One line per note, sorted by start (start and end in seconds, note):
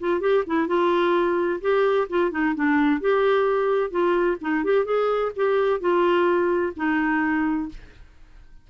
0.00 0.21 F4
0.21 0.44 G4
0.47 0.68 E4
0.68 1.61 F4
1.62 2.08 G4
2.10 2.32 F4
2.32 2.55 D#4
2.55 3.01 D4
3.01 3.91 G4
3.91 4.37 F4
4.41 4.64 D#4
4.64 4.86 G4
4.86 5.32 G#4
5.36 5.81 G4
5.81 6.74 F4
6.77 7.70 D#4